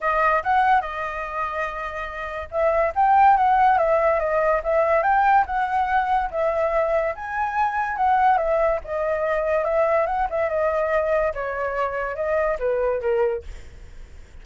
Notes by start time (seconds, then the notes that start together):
0.00 D#5
0.43 F#5
0.81 D#5
2.51 E5
2.95 G5
3.36 F#5
3.78 E5
4.19 D#5
4.63 E5
5.03 G5
5.46 F#5
6.30 E5
7.15 G#5
7.97 F#5
8.37 E5
8.84 D#5
9.64 E5
10.06 F#5
10.29 E5
10.49 D#5
11.33 C#5
12.15 D#5
12.59 B4
13.01 A#4